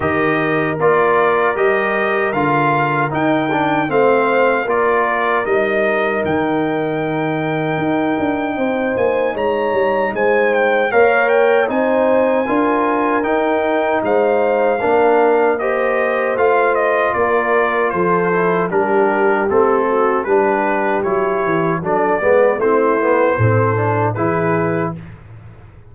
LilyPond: <<
  \new Staff \with { instrumentName = "trumpet" } { \time 4/4 \tempo 4 = 77 dis''4 d''4 dis''4 f''4 | g''4 f''4 d''4 dis''4 | g''2.~ g''8 gis''8 | ais''4 gis''8 g''8 f''8 g''8 gis''4~ |
gis''4 g''4 f''2 | dis''4 f''8 dis''8 d''4 c''4 | ais'4 a'4 b'4 cis''4 | d''4 c''2 b'4 | }
  \new Staff \with { instrumentName = "horn" } { \time 4/4 ais'1~ | ais'4 c''4 ais'2~ | ais'2. c''4 | cis''4 c''4 cis''4 c''4 |
ais'2 c''4 ais'4 | c''2 ais'4 a'4 | g'4. fis'8 g'2 | a'8 b'8 e'4 a'4 gis'4 | }
  \new Staff \with { instrumentName = "trombone" } { \time 4/4 g'4 f'4 g'4 f'4 | dis'8 d'8 c'4 f'4 dis'4~ | dis'1~ | dis'2 ais'4 dis'4 |
f'4 dis'2 d'4 | g'4 f'2~ f'8 e'8 | d'4 c'4 d'4 e'4 | d'8 b8 c'8 b8 c'8 d'8 e'4 | }
  \new Staff \with { instrumentName = "tuba" } { \time 4/4 dis4 ais4 g4 d4 | dis'4 a4 ais4 g4 | dis2 dis'8 d'8 c'8 ais8 | gis8 g8 gis4 ais4 c'4 |
d'4 dis'4 gis4 ais4~ | ais4 a4 ais4 f4 | g4 a4 g4 fis8 e8 | fis8 gis8 a4 a,4 e4 | }
>>